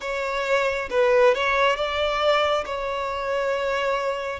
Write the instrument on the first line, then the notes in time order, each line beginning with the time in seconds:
violin
0.00 C#5
0.90 B4
1.34 C#5
1.76 D5
2.65 C#5